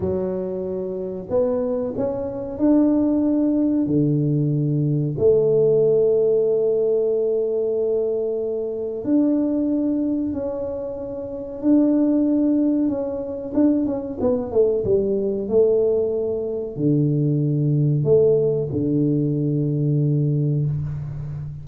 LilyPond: \new Staff \with { instrumentName = "tuba" } { \time 4/4 \tempo 4 = 93 fis2 b4 cis'4 | d'2 d2 | a1~ | a2 d'2 |
cis'2 d'2 | cis'4 d'8 cis'8 b8 a8 g4 | a2 d2 | a4 d2. | }